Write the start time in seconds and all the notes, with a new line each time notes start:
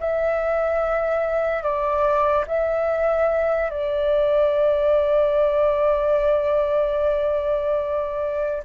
0.00 E5
1.63 D5
2.47 E5
3.70 D5